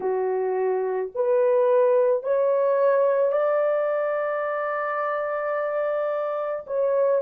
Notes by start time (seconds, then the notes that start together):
0.00 F#4
1.14 B4
2.23 C#5
3.31 D5
6.66 C#5